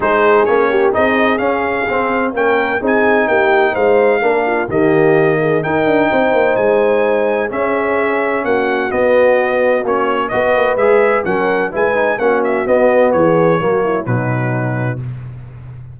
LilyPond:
<<
  \new Staff \with { instrumentName = "trumpet" } { \time 4/4 \tempo 4 = 128 c''4 cis''4 dis''4 f''4~ | f''4 g''4 gis''4 g''4 | f''2 dis''2 | g''2 gis''2 |
e''2 fis''4 dis''4~ | dis''4 cis''4 dis''4 e''4 | fis''4 gis''4 fis''8 e''8 dis''4 | cis''2 b'2 | }
  \new Staff \with { instrumentName = "horn" } { \time 4/4 gis'4. g'8 gis'2~ | gis'4 ais'4 gis'4 g'4 | c''4 ais'8 f'8 g'4. gis'8 | ais'4 c''2. |
gis'2 fis'2~ | fis'2 b'2 | ais'4 b'4 fis'2 | gis'4 fis'8 e'8 dis'2 | }
  \new Staff \with { instrumentName = "trombone" } { \time 4/4 dis'4 cis'4 dis'4 cis'4 | c'4 cis'4 dis'2~ | dis'4 d'4 ais2 | dis'1 |
cis'2. b4~ | b4 cis'4 fis'4 gis'4 | cis'4 e'8 dis'8 cis'4 b4~ | b4 ais4 fis2 | }
  \new Staff \with { instrumentName = "tuba" } { \time 4/4 gis4 ais4 c'4 cis'4 | c'4 ais4 c'4 ais4 | gis4 ais4 dis2 | dis'8 d'8 c'8 ais8 gis2 |
cis'2 ais4 b4~ | b4 ais4 b8 ais8 gis4 | fis4 gis4 ais4 b4 | e4 fis4 b,2 | }
>>